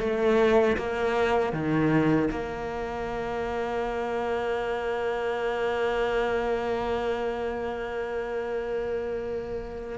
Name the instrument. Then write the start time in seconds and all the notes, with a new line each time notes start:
cello
0.00 A3
0.77 A#3
1.53 D#3
2.31 A#3